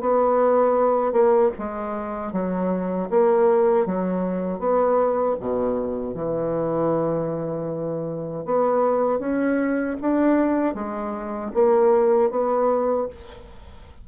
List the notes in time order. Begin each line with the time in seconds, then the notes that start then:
0.00 B3
1.12 A#3
1.58 G#3
2.32 F#3
3.10 A#3
3.86 F#3
4.59 B3
5.40 B2
6.14 E3
8.45 B3
9.19 C#4
10.01 D4
10.74 G#3
11.54 A#3
12.30 B3